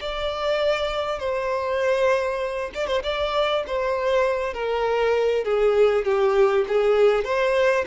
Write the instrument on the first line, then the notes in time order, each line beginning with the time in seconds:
violin
0.00 D5
1.19 C5
2.74 D5
2.87 C5
3.03 D5
3.66 C5
4.53 A#4
5.44 G#4
6.05 G4
6.68 G#4
7.24 C5